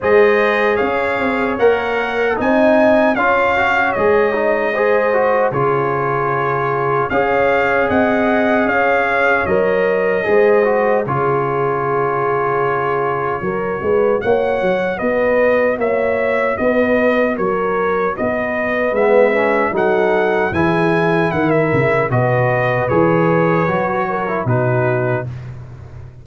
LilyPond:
<<
  \new Staff \with { instrumentName = "trumpet" } { \time 4/4 \tempo 4 = 76 dis''4 f''4 fis''4 gis''4 | f''4 dis''2 cis''4~ | cis''4 f''4 fis''4 f''4 | dis''2 cis''2~ |
cis''2 fis''4 dis''4 | e''4 dis''4 cis''4 dis''4 | e''4 fis''4 gis''4 fis''16 e''8. | dis''4 cis''2 b'4 | }
  \new Staff \with { instrumentName = "horn" } { \time 4/4 c''4 cis''2 dis''4 | cis''2 c''4 gis'4~ | gis'4 cis''4 dis''4 cis''4~ | cis''4 c''4 gis'2~ |
gis'4 ais'8 b'8 cis''4 b'4 | cis''4 b'4 ais'4 b'4~ | b'4 a'4 gis'4 ais'4 | b'2~ b'8 ais'8 fis'4 | }
  \new Staff \with { instrumentName = "trombone" } { \time 4/4 gis'2 ais'4 dis'4 | f'8 fis'8 gis'8 dis'8 gis'8 fis'8 f'4~ | f'4 gis'2. | ais'4 gis'8 fis'8 f'2~ |
f'4 fis'2.~ | fis'1 | b8 cis'8 dis'4 e'2 | fis'4 gis'4 fis'8. e'16 dis'4 | }
  \new Staff \with { instrumentName = "tuba" } { \time 4/4 gis4 cis'8 c'8 ais4 c'4 | cis'4 gis2 cis4~ | cis4 cis'4 c'4 cis'4 | fis4 gis4 cis2~ |
cis4 fis8 gis8 ais8 fis8 b4 | ais4 b4 fis4 b4 | gis4 fis4 e4 dis8 cis8 | b,4 e4 fis4 b,4 | }
>>